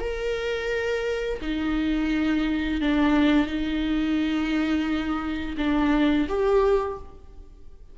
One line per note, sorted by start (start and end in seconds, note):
0.00 1.40 A#4
1.41 2.81 D#4
2.81 3.47 D4
3.47 5.56 D#4
5.58 6.27 D4
6.29 6.98 G4